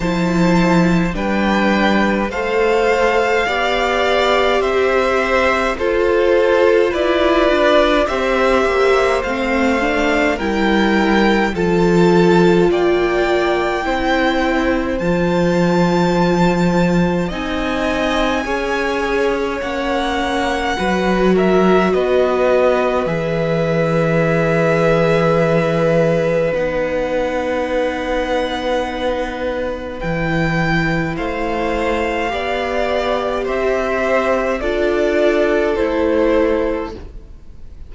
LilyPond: <<
  \new Staff \with { instrumentName = "violin" } { \time 4/4 \tempo 4 = 52 a''4 g''4 f''2 | e''4 c''4 d''4 e''4 | f''4 g''4 a''4 g''4~ | g''4 a''2 gis''4~ |
gis''4 fis''4. e''8 dis''4 | e''2. fis''4~ | fis''2 g''4 f''4~ | f''4 e''4 d''4 c''4 | }
  \new Staff \with { instrumentName = "violin" } { \time 4/4 c''4 b'4 c''4 d''4 | c''4 a'4 b'4 c''4~ | c''4 ais'4 a'4 d''4 | c''2. dis''4 |
cis''2 b'8 ais'8 b'4~ | b'1~ | b'2. c''4 | d''4 c''4 a'2 | }
  \new Staff \with { instrumentName = "viola" } { \time 4/4 e'4 d'4 a'4 g'4~ | g'4 f'2 g'4 | c'8 d'8 e'4 f'2 | e'4 f'2 dis'4 |
gis'4 cis'4 fis'2 | gis'2. dis'4~ | dis'2 e'2 | g'2 f'4 e'4 | }
  \new Staff \with { instrumentName = "cello" } { \time 4/4 f4 g4 a4 b4 | c'4 f'4 e'8 d'8 c'8 ais8 | a4 g4 f4 ais4 | c'4 f2 c'4 |
cis'4 ais4 fis4 b4 | e2. b4~ | b2 e4 a4 | b4 c'4 d'4 a4 | }
>>